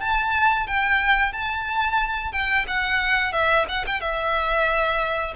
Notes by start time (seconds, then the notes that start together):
0.00 A5
0.67 G5
1.32 A5
2.32 G5
2.67 F#5
3.32 E5
3.68 F#5
3.86 G5
4.01 E5